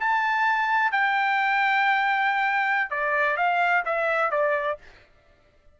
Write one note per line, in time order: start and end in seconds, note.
0.00 0.92 A5
0.92 2.90 G5
2.90 3.37 D5
3.37 3.84 F5
3.85 4.31 E5
4.31 4.78 D5